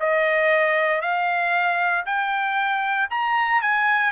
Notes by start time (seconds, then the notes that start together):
0.00 D#5
1.02 F5
2.06 G5
3.10 A#5
3.62 G#5